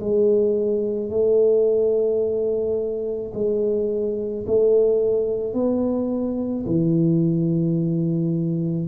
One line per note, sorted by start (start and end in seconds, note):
0.00 1.10 G#3
1.10 3.32 A3
3.34 4.45 G#3
4.47 5.54 A3
5.54 6.65 B3
6.66 8.87 E3